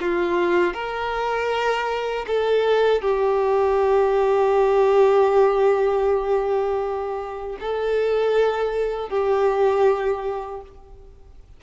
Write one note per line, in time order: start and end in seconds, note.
0.00 0.74 F4
0.74 2.25 A#4
2.26 3.01 A4
3.01 7.57 G4
7.60 9.09 A4
9.09 10.61 G4